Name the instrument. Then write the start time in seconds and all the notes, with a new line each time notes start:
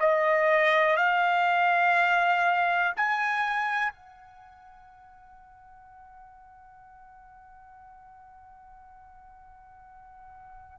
trumpet
0.00 D#5
0.97 F5
2.96 G#5
3.93 F#5